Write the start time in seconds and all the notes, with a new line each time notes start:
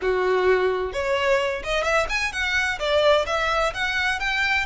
0.01 F#4
0.93 C#5
1.63 D#5
1.83 E5
2.09 G#5
2.32 F#5
2.79 D5
3.26 E5
3.74 F#5
4.19 G5